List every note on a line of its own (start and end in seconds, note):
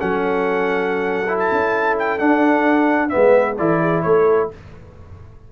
0.00 1.52 F#3
0.00 1.27 C#4
0.00 3.12 A4
0.00 1.38 F#5
1.29 2.19 E4
1.39 1.97 A5
1.52 2.21 C#4
1.99 2.19 G5
2.19 3.10 D4
2.19 3.13 D4
2.19 3.09 F#5
3.09 3.56 B3
3.09 3.55 E5
3.15 3.60 G#3
3.15 3.59 B4
3.58 4.05 E3
3.58 4.51 E4
3.58 3.80 A4
3.58 4.02 D5
3.80 4.03 G#4
4.02 4.52 A3
4.02 4.52 A4
4.02 4.49 C#5